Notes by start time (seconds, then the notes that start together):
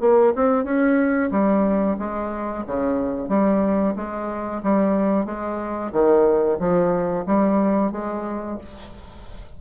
0.00 A#3
0.35 C4
0.64 C#4
1.31 G3
1.99 G#3
2.66 C#3
3.28 G3
3.96 G#3
4.63 G3
5.25 G#3
5.92 D#3
6.59 F3
7.26 G3
7.92 G#3